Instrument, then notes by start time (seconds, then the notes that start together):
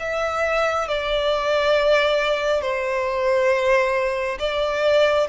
violin
0.00 E5
0.88 D5
2.62 C5
4.39 D5